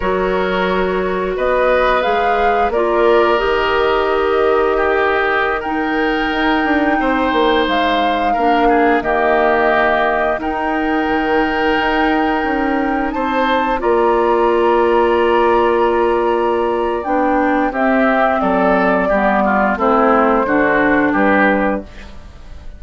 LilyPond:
<<
  \new Staff \with { instrumentName = "flute" } { \time 4/4 \tempo 4 = 88 cis''2 dis''4 f''4 | d''4 dis''2.~ | dis''16 g''2. f''8.~ | f''4~ f''16 dis''2 g''8.~ |
g''2.~ g''16 a''8.~ | a''16 ais''2.~ ais''8.~ | ais''4 g''4 e''4 d''4~ | d''4 c''2 b'4 | }
  \new Staff \with { instrumentName = "oboe" } { \time 4/4 ais'2 b'2 | ais'2. g'4~ | g'16 ais'2 c''4.~ c''16~ | c''16 ais'8 gis'8 g'2 ais'8.~ |
ais'2.~ ais'16 c''8.~ | c''16 d''2.~ d''8.~ | d''2 g'4 a'4 | g'8 f'8 e'4 fis'4 g'4 | }
  \new Staff \with { instrumentName = "clarinet" } { \time 4/4 fis'2. gis'4 | f'4 g'2.~ | g'16 dis'2.~ dis'8.~ | dis'16 d'4 ais2 dis'8.~ |
dis'1~ | dis'16 f'2.~ f'8.~ | f'4 d'4 c'2 | b4 c'4 d'2 | }
  \new Staff \with { instrumentName = "bassoon" } { \time 4/4 fis2 b4 gis4 | ais4 dis2.~ | dis4~ dis16 dis'8 d'8 c'8 ais8 gis8.~ | gis16 ais4 dis2 dis'8.~ |
dis'16 dis4 dis'4 cis'4 c'8.~ | c'16 ais2.~ ais8.~ | ais4 b4 c'4 fis4 | g4 a4 d4 g4 | }
>>